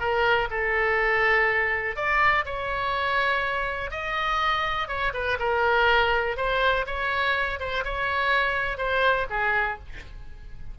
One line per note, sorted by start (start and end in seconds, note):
0.00 0.49 A#4
0.51 1.97 A4
1.97 2.45 D5
2.45 3.91 C#5
3.91 4.89 D#5
4.89 5.13 C#5
5.14 5.39 B4
5.40 6.37 A#4
6.37 6.86 C5
6.87 7.60 C#5
7.60 7.84 C5
7.85 8.78 C#5
8.78 9.27 C5
9.30 9.79 G#4